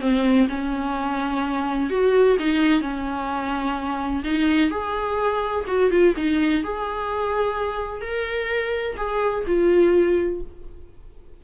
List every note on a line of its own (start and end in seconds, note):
0.00 0.47 C4
0.49 1.90 C#4
1.90 2.37 F#4
2.39 2.81 D#4
2.81 4.23 C#4
4.24 4.70 D#4
4.70 5.65 G#4
5.67 5.91 F#4
5.91 6.14 F4
6.16 6.63 D#4
6.63 8.01 G#4
8.01 8.96 A#4
8.97 9.44 G#4
9.46 10.41 F4